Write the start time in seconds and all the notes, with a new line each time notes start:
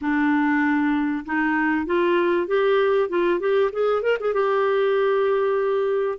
0.01 D4
1.25 D#4
1.86 F4
2.47 G4
3.09 F4
3.39 G4
3.72 G#4
4.02 A#4
4.19 G#4
4.33 G4